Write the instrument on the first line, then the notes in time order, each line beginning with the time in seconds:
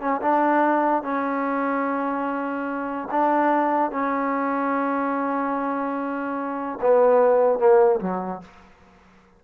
trombone
0.00 C#4
0.21 D4
1.02 C#4
3.11 D4
3.91 C#4
6.81 B3
7.58 A#3
8.00 F#3